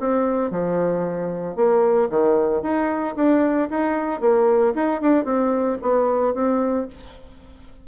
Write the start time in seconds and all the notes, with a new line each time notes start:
0.00 C4
0.51 F3
1.56 A#3
2.10 D#3
2.62 D#4
3.16 D4
3.70 D#4
4.21 A#3
4.74 D#4
5.01 D4
5.25 C4
5.82 B3
6.34 C4